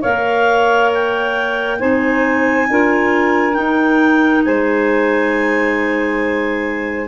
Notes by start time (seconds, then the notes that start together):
0.00 A#3 A#4 C#5 F5
0.94 G5
1.79 C4 D#4 C5 G#5
2.69 D4 F4 A#4
3.53 D#4 G5
4.44 G#3 C5 G#5